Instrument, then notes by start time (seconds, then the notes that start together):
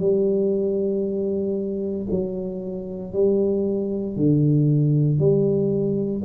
tuba
0.00 G3
2.11 F#3
3.14 G3
4.17 D3
5.20 G3